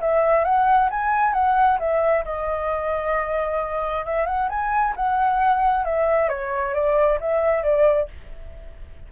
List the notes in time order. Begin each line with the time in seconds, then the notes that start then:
0.00 E5
0.44 F#5
0.90 G#5
1.33 F#5
1.79 E5
2.24 D#5
4.05 E5
4.26 F#5
4.49 G#5
4.95 F#5
5.84 E5
6.28 C#5
6.74 D5
7.20 E5
7.63 D5